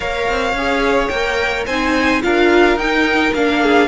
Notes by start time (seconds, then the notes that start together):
0.00 A#3 A#4 C#5 F5
0.29 C4
0.52 C#4 G#4
1.08 A#3 A#4 G5
1.66 C4 D#4 C5 G#5
2.22 D4 F4 A#4 F5
2.76 D#4 G5
3.33 A#3 D4 F5
3.62 G#4